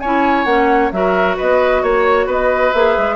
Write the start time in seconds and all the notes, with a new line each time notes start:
0.00 C#4 E4 C#5 G#5
0.45 A#3 C#4 F#5
0.92 F#3 F#4 A#4 E5
1.37 B3 B4 D#5
1.83 A#3 C#5
2.27 B3 B4 D#5
2.74 A#3 G#4 E5
2.98 G#3